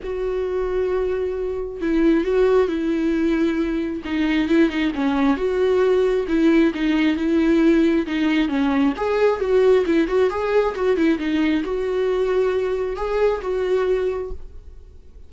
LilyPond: \new Staff \with { instrumentName = "viola" } { \time 4/4 \tempo 4 = 134 fis'1 | e'4 fis'4 e'2~ | e'4 dis'4 e'8 dis'8 cis'4 | fis'2 e'4 dis'4 |
e'2 dis'4 cis'4 | gis'4 fis'4 e'8 fis'8 gis'4 | fis'8 e'8 dis'4 fis'2~ | fis'4 gis'4 fis'2 | }